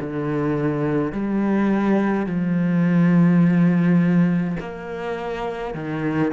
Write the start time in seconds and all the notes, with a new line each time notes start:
0.00 D3
1.12 G3
2.26 F3
4.60 A#3
5.74 D#3